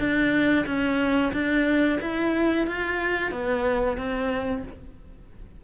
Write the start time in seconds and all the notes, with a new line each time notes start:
0.00 D4
0.67 C#4
1.33 D4
2.01 E4
2.67 F4
3.32 B3
3.98 C4